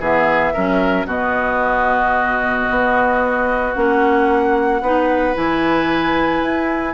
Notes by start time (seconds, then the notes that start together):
0.00 E3 B3 G#4 E5
0.54 F#3 C#4 A#4
1.06 B2 B3 F#4 D#5
2.71 B3
3.75 A#3 C#4 F#5
4.81 B3 D#4 B4
5.35 E3 E4 G#5
6.42 E4